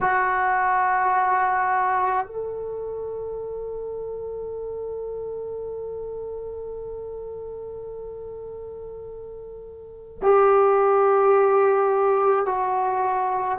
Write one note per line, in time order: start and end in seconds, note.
0.00 2.26 F#4
2.26 10.18 A4
10.21 12.45 G4
12.45 13.58 F#4